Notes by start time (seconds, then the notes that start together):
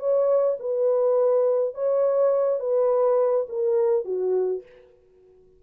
0.00 C#5
0.60 B4
1.75 C#5
2.60 B4
3.49 A#4
4.05 F#4